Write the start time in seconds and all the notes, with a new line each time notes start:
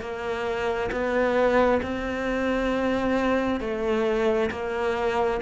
0.00 A#3
0.91 B3
1.82 C4
3.60 A3
4.51 A#3